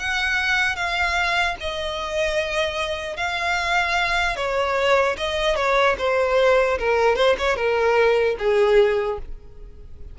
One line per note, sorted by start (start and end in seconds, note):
0.00 0.76 F#5
0.76 1.56 F5
1.60 3.17 D#5
3.17 4.37 F5
4.37 5.17 C#5
5.18 5.56 D#5
5.56 5.96 C#5
5.99 6.79 C5
6.79 7.16 A#4
7.16 7.36 C5
7.39 7.56 C#5
7.56 8.36 A#4
8.39 9.19 G#4